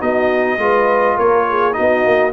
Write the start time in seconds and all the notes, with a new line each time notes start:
0.00 B3 D#4 F#4 D#5
0.58 G#3 F4 B4
1.16 A#3 A#4 C#5
1.50 G#4
1.73 D#4 F#4 D#5
1.79 B3
2.06 A#3